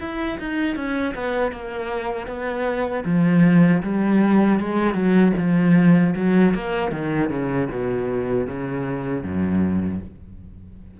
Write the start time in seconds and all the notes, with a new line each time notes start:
0.00 E4
0.39 D#4
0.76 C#4
1.14 B3
1.51 A#3
2.27 B3
3.05 F3
3.82 G3
4.59 G#3
4.94 F#3
5.37 F3
6.15 F#3
6.54 A#3
6.91 D#3
7.29 C#3
7.70 B2
8.47 C#3
9.23 F#2